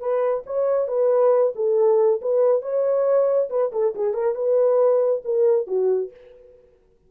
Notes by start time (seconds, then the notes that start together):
0.00 B4
0.46 C#5
0.88 B4
1.56 A4
2.22 B4
2.62 C#5
3.50 B4
3.73 A4
3.95 G#4
4.14 A#4
4.35 B4
5.25 A#4
5.67 F#4